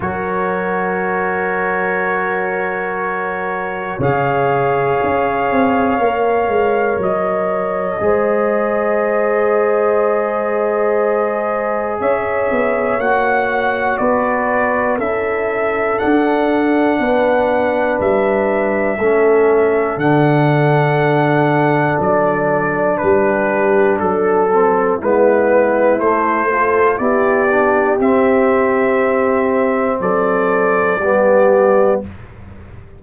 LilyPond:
<<
  \new Staff \with { instrumentName = "trumpet" } { \time 4/4 \tempo 4 = 60 cis''1 | f''2. dis''4~ | dis''1 | e''4 fis''4 d''4 e''4 |
fis''2 e''2 | fis''2 d''4 b'4 | a'4 b'4 c''4 d''4 | e''2 d''2 | }
  \new Staff \with { instrumentName = "horn" } { \time 4/4 ais'1 | cis''1 | c''1 | cis''2 b'4 a'4~ |
a'4 b'2 a'4~ | a'2. g'4 | a'4 e'4. a'8 g'4~ | g'2 a'4 g'4 | }
  \new Staff \with { instrumentName = "trombone" } { \time 4/4 fis'1 | gis'2 ais'2 | gis'1~ | gis'4 fis'2 e'4 |
d'2. cis'4 | d'1~ | d'8 c'8 b4 a8 f'8 e'8 d'8 | c'2. b4 | }
  \new Staff \with { instrumentName = "tuba" } { \time 4/4 fis1 | cis4 cis'8 c'8 ais8 gis8 fis4 | gis1 | cis'8 b8 ais4 b4 cis'4 |
d'4 b4 g4 a4 | d2 fis4 g4 | fis4 gis4 a4 b4 | c'2 fis4 g4 | }
>>